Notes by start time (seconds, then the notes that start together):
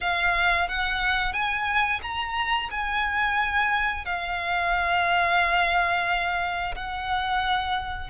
0.00 F5
0.68 F#5
1.33 G#5
2.02 A#5
2.70 G#5
4.04 F5
6.75 F#5